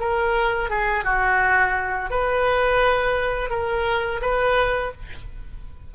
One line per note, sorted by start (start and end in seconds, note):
0.00 0.70 A#4
0.70 1.04 G#4
1.04 2.10 F#4
2.10 3.50 B4
3.50 4.20 A#4
4.21 4.92 B4